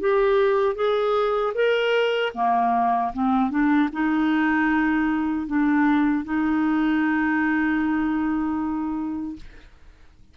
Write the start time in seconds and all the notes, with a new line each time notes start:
0.00 G4
0.75 G#4
1.54 A#4
2.34 A#3
3.13 C4
3.50 D4
3.92 D#4
5.47 D4
6.24 D#4